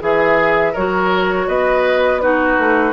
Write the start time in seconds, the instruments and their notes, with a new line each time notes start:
0.00 bassoon E3, clarinet G#4, oboe G#4, flute E5
0.73 bassoon F#3, clarinet F#4, oboe A#4, flute C#5
1.48 bassoon B3, oboe B4, flute D#5
2.21 clarinet D#4, oboe F#4, flute B4
2.59 bassoon A3